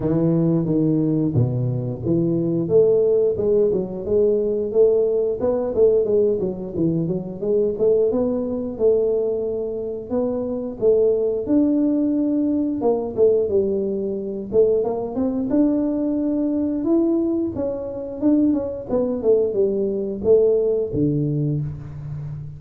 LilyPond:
\new Staff \with { instrumentName = "tuba" } { \time 4/4 \tempo 4 = 89 e4 dis4 b,4 e4 | a4 gis8 fis8 gis4 a4 | b8 a8 gis8 fis8 e8 fis8 gis8 a8 | b4 a2 b4 |
a4 d'2 ais8 a8 | g4. a8 ais8 c'8 d'4~ | d'4 e'4 cis'4 d'8 cis'8 | b8 a8 g4 a4 d4 | }